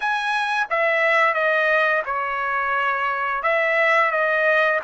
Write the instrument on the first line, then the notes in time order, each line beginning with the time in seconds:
trumpet
0.00 G#5
0.70 E5
1.34 D#5
2.05 C#5
3.43 E5
4.11 D#5